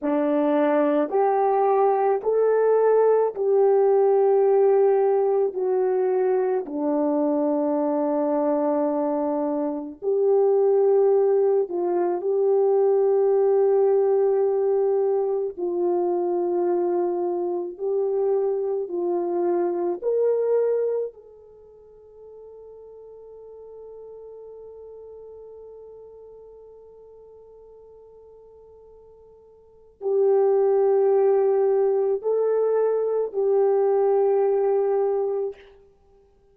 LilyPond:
\new Staff \with { instrumentName = "horn" } { \time 4/4 \tempo 4 = 54 d'4 g'4 a'4 g'4~ | g'4 fis'4 d'2~ | d'4 g'4. f'8 g'4~ | g'2 f'2 |
g'4 f'4 ais'4 a'4~ | a'1~ | a'2. g'4~ | g'4 a'4 g'2 | }